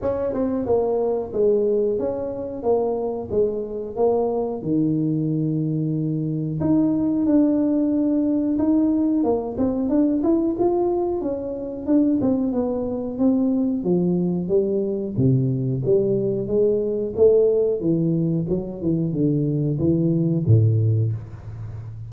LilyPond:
\new Staff \with { instrumentName = "tuba" } { \time 4/4 \tempo 4 = 91 cis'8 c'8 ais4 gis4 cis'4 | ais4 gis4 ais4 dis4~ | dis2 dis'4 d'4~ | d'4 dis'4 ais8 c'8 d'8 e'8 |
f'4 cis'4 d'8 c'8 b4 | c'4 f4 g4 c4 | g4 gis4 a4 e4 | fis8 e8 d4 e4 a,4 | }